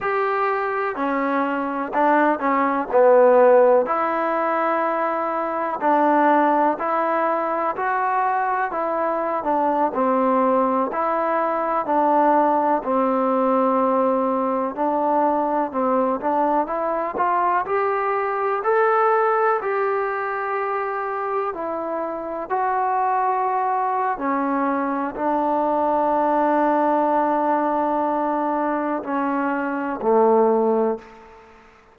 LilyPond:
\new Staff \with { instrumentName = "trombone" } { \time 4/4 \tempo 4 = 62 g'4 cis'4 d'8 cis'8 b4 | e'2 d'4 e'4 | fis'4 e'8. d'8 c'4 e'8.~ | e'16 d'4 c'2 d'8.~ |
d'16 c'8 d'8 e'8 f'8 g'4 a'8.~ | a'16 g'2 e'4 fis'8.~ | fis'4 cis'4 d'2~ | d'2 cis'4 a4 | }